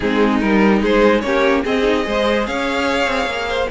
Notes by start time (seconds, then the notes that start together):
0.00 G#3 C4 D#4 G#4
0.40 G3 D#4 A#4
0.81 G#3 G#4 C5
1.21 A#3 C#4 G4 C#5
1.63 C4 G#4 D#5
1.82 D#4
2.03 G#3 G#4 C5
2.46 C#4 C#5 F5
3.07 C4
3.25 A#3
3.48 C5